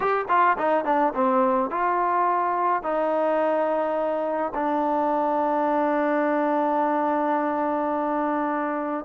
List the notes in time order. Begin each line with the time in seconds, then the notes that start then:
0.00 G4
0.28 F4
0.58 D#4
0.84 D4
1.14 C4
1.70 F4
2.83 D#4
4.54 D4